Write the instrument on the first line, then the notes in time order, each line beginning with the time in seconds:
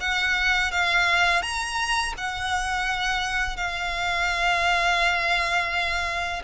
violin
0.00 F#5
0.71 F5
1.42 A#5
2.17 F#5
3.56 F5